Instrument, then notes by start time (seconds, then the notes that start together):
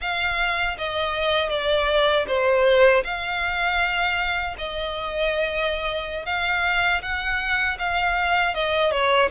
violin
0.01 F5
0.78 D#5
1.49 D5
2.27 C5
3.03 F5
4.57 D#5
6.25 F5
7.01 F#5
7.78 F5
8.54 D#5
8.91 C#5